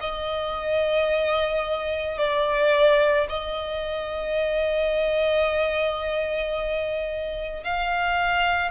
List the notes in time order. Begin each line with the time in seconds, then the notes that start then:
0.00 D#5
2.18 D5
3.29 D#5
7.63 F5